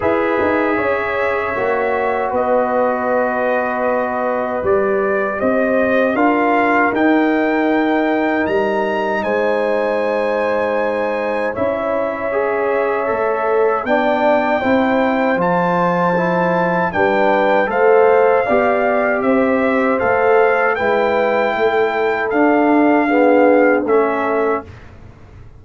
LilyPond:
<<
  \new Staff \with { instrumentName = "trumpet" } { \time 4/4 \tempo 4 = 78 e''2. dis''4~ | dis''2 d''4 dis''4 | f''4 g''2 ais''4 | gis''2. e''4~ |
e''2 g''2 | a''2 g''4 f''4~ | f''4 e''4 f''4 g''4~ | g''4 f''2 e''4 | }
  \new Staff \with { instrumentName = "horn" } { \time 4/4 b'4 cis''2 b'4~ | b'2. c''4 | ais'1 | c''2. cis''4~ |
cis''2 d''4 c''4~ | c''2 b'4 c''4 | d''4 c''2 b'4 | a'2 gis'4 a'4 | }
  \new Staff \with { instrumentName = "trombone" } { \time 4/4 gis'2 fis'2~ | fis'2 g'2 | f'4 dis'2.~ | dis'2. e'4 |
gis'4 a'4 d'4 e'4 | f'4 e'4 d'4 a'4 | g'2 a'4 e'4~ | e'4 d'4 b4 cis'4 | }
  \new Staff \with { instrumentName = "tuba" } { \time 4/4 e'8 dis'8 cis'4 ais4 b4~ | b2 g4 c'4 | d'4 dis'2 g4 | gis2. cis'4~ |
cis'4 a4 b4 c'4 | f2 g4 a4 | b4 c'4 a4 gis4 | a4 d'2 a4 | }
>>